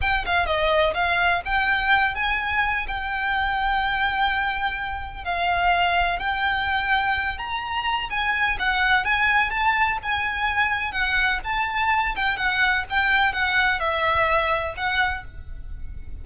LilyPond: \new Staff \with { instrumentName = "violin" } { \time 4/4 \tempo 4 = 126 g''8 f''8 dis''4 f''4 g''4~ | g''8 gis''4. g''2~ | g''2. f''4~ | f''4 g''2~ g''8 ais''8~ |
ais''4 gis''4 fis''4 gis''4 | a''4 gis''2 fis''4 | a''4. g''8 fis''4 g''4 | fis''4 e''2 fis''4 | }